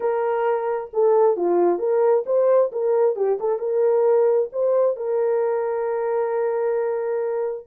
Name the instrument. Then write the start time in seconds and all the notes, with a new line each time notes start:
horn
0.00 A#4
0.93 A4
1.36 F4
1.78 A#4
2.26 C5
2.71 A#4
3.16 G4
3.40 A4
3.59 A#4
4.52 C5
4.96 A#4